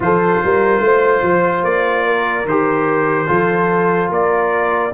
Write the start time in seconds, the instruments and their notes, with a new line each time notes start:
0.00 tuba F3, trombone F4, horn A4, trumpet C5
0.44 tuba G3, horn A#4
0.80 tuba A3, horn C5
1.22 tuba F3
1.63 tuba A#3, trumpet D5
2.06 horn A#4
2.45 tuba D#3, trombone G4, trumpet C5
3.26 tuba F3, trombone F4, horn A4
4.09 tuba A#3, horn A#4, trumpet D5